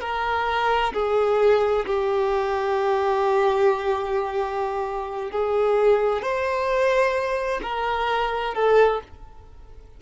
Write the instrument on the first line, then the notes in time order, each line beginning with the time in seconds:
violin
0.00 A#4
0.93 G#4
1.86 G4
5.31 G#4
6.22 C5
7.62 A#4
8.54 A4